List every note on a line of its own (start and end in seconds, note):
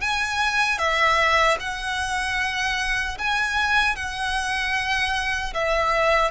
0.00 0.78 G#5
0.78 1.57 E5
1.59 3.17 F#5
3.18 3.95 G#5
3.95 5.53 F#5
5.53 6.31 E5